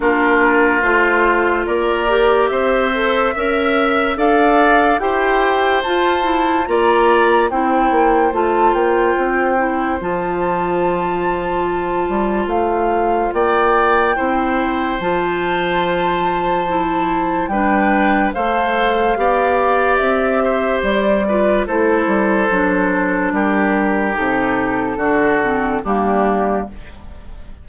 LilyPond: <<
  \new Staff \with { instrumentName = "flute" } { \time 4/4 \tempo 4 = 72 ais'4 c''4 d''4 e''4~ | e''4 f''4 g''4 a''4 | ais''4 g''4 a''8 g''4. | a''2. f''4 |
g''2 a''2~ | a''4 g''4 f''2 | e''4 d''4 c''2 | ais'4 a'2 g'4 | }
  \new Staff \with { instrumentName = "oboe" } { \time 4/4 f'2 ais'4 c''4 | e''4 d''4 c''2 | d''4 c''2.~ | c''1 |
d''4 c''2.~ | c''4 b'4 c''4 d''4~ | d''8 c''4 b'8 a'2 | g'2 fis'4 d'4 | }
  \new Staff \with { instrumentName = "clarinet" } { \time 4/4 d'4 f'4. g'4 a'8 | ais'4 a'4 g'4 f'8 e'8 | f'4 e'4 f'4. e'8 | f'1~ |
f'4 e'4 f'2 | e'4 d'4 a'4 g'4~ | g'4. f'8 e'4 d'4~ | d'4 dis'4 d'8 c'8 ais4 | }
  \new Staff \with { instrumentName = "bassoon" } { \time 4/4 ais4 a4 ais4 c'4 | cis'4 d'4 e'4 f'4 | ais4 c'8 ais8 a8 ais8 c'4 | f2~ f8 g8 a4 |
ais4 c'4 f2~ | f4 g4 a4 b4 | c'4 g4 a8 g8 fis4 | g4 c4 d4 g4 | }
>>